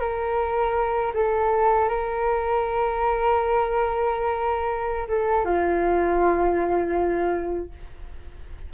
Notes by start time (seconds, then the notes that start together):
0.00 A#4
1.14 A4
1.89 A#4
5.08 A4
5.44 F4